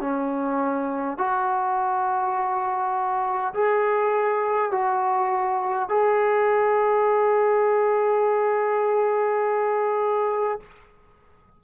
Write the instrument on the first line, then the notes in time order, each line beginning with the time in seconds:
trombone
0.00 C#4
1.18 F#4
3.53 G#4
4.71 F#4
5.89 G#4